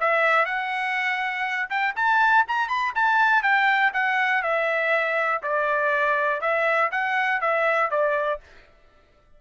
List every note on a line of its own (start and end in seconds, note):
0.00 0.45 E5
0.45 1.69 F#5
1.69 1.94 G5
1.95 2.45 A5
2.47 2.68 A#5
2.68 2.93 B5
2.95 3.42 A5
3.42 3.92 G5
3.93 4.42 F#5
4.42 5.41 E5
5.42 6.41 D5
6.41 6.90 E5
6.91 7.41 F#5
7.41 7.90 E5
7.90 8.40 D5